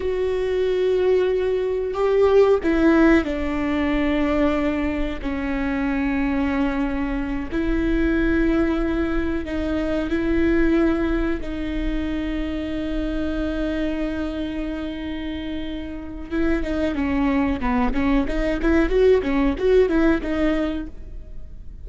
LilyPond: \new Staff \with { instrumentName = "viola" } { \time 4/4 \tempo 4 = 92 fis'2. g'4 | e'4 d'2. | cis'2.~ cis'8 e'8~ | e'2~ e'8 dis'4 e'8~ |
e'4. dis'2~ dis'8~ | dis'1~ | dis'4 e'8 dis'8 cis'4 b8 cis'8 | dis'8 e'8 fis'8 cis'8 fis'8 e'8 dis'4 | }